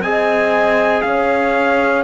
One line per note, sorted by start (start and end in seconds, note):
0.00 1.02 C4
0.00 2.03 G#4
0.00 1.05 D#5
0.00 1.02 G#5
1.02 2.03 C#4
1.02 2.03 C#5
1.02 2.03 F5